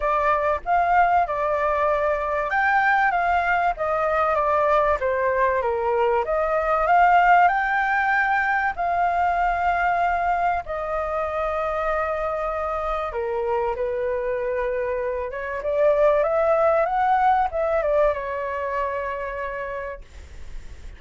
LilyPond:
\new Staff \with { instrumentName = "flute" } { \time 4/4 \tempo 4 = 96 d''4 f''4 d''2 | g''4 f''4 dis''4 d''4 | c''4 ais'4 dis''4 f''4 | g''2 f''2~ |
f''4 dis''2.~ | dis''4 ais'4 b'2~ | b'8 cis''8 d''4 e''4 fis''4 | e''8 d''8 cis''2. | }